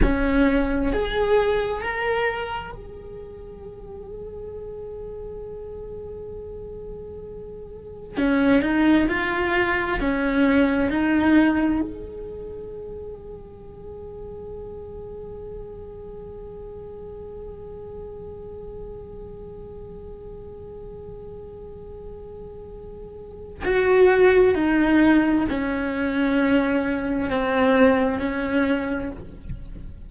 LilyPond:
\new Staff \with { instrumentName = "cello" } { \time 4/4 \tempo 4 = 66 cis'4 gis'4 ais'4 gis'4~ | gis'1~ | gis'4 cis'8 dis'8 f'4 cis'4 | dis'4 gis'2.~ |
gis'1~ | gis'1~ | gis'2 fis'4 dis'4 | cis'2 c'4 cis'4 | }